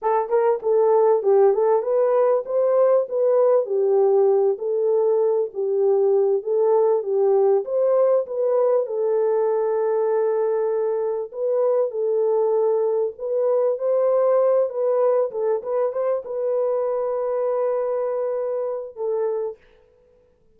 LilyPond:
\new Staff \with { instrumentName = "horn" } { \time 4/4 \tempo 4 = 98 a'8 ais'8 a'4 g'8 a'8 b'4 | c''4 b'4 g'4. a'8~ | a'4 g'4. a'4 g'8~ | g'8 c''4 b'4 a'4.~ |
a'2~ a'8 b'4 a'8~ | a'4. b'4 c''4. | b'4 a'8 b'8 c''8 b'4.~ | b'2. a'4 | }